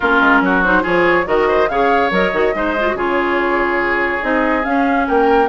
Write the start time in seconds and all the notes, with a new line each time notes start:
0.00 A#3 C#4 F4 A#4
0.20 G#3
0.40 F#3 F#4
0.63 D#4 C5
0.82 F3 F4 G#4 C#5
1.25 D#3 F#4 A#4 D#5
1.47 C5
1.68 C#3 G#4 C#5 F5
2.10 F#3 A#4 D#5
2.32 D#3 F#4
2.54 G#3 D#4 C5
2.79 F4
2.87 F#4
2.94 C#3 F4 G#4 C#5
4.21 C4 D#4 D#5
4.64 C#4 F5
5.06 A#3 A#4 G5